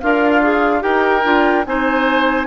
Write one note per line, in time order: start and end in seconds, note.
0.00 0.84 D4
0.00 0.83 F4
0.00 0.42 A#4
0.00 0.82 F5
0.42 0.80 G#4
0.80 1.25 D#4
0.80 1.21 G4
0.80 1.65 A#4
0.80 1.64 G5
1.24 1.66 D4
1.24 1.65 F4
1.66 2.47 C4
1.66 2.47 D#4
1.66 2.47 C5
1.66 2.47 G#5